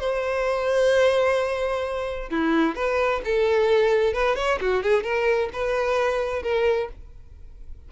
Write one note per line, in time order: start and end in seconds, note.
0.00 2.30 C5
2.30 2.76 E4
2.76 3.22 B4
3.25 4.14 A4
4.14 4.36 B4
4.36 4.59 C#5
4.61 4.83 F#4
4.83 5.04 G#4
5.04 5.50 A#4
5.53 6.43 B4
6.43 6.89 A#4